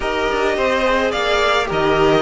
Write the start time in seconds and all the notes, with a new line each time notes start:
0.00 D#4 G4 A#4 D#5
0.31 D4
0.57 C4 C5
0.84 G#4
1.11 A#3 D5 F5
1.65 D#3 G4 A#4
1.72 D#5